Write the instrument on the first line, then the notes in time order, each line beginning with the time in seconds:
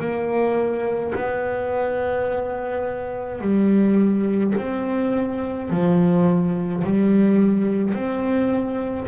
double bass
0.00 A#3
1.15 B3
3.41 G3
4.57 C4
5.70 F3
6.84 G3
7.94 C4